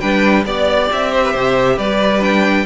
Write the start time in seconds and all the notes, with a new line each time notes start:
0.00 G3 D4 B4 G5
0.45 B3 G4 D5
0.92 C4 E5
1.12 C5
1.23 B4
1.32 C3 C5
1.76 G3 B4 D5
2.20 D4 G5